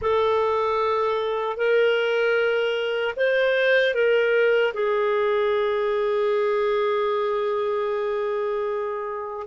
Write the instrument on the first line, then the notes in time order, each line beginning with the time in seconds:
clarinet
0.01 A4
1.56 A#4
3.16 C5
3.94 A#4
4.73 G#4